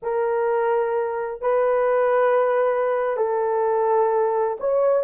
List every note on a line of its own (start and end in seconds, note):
0.02 1.41 A#4
1.41 3.16 B4
3.16 4.57 A4
4.60 5.03 C#5